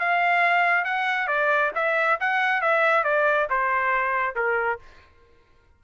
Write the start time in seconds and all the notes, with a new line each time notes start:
0.00 F5
0.85 F#5
1.28 D5
1.76 E5
2.21 F#5
2.62 E5
3.04 D5
3.50 C5
4.36 A#4